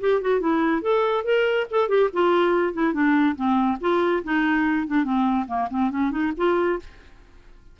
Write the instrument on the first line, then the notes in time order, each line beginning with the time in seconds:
clarinet
0.00 G4
0.21 F#4
0.40 E4
0.82 A4
1.24 A#4
1.70 A4
1.88 G4
2.13 F4
2.73 E4
2.93 D4
3.36 C4
3.81 F4
4.24 D#4
4.87 D4
5.04 C4
5.47 A#3
5.70 C4
5.90 C#4
6.11 D#4
6.37 F4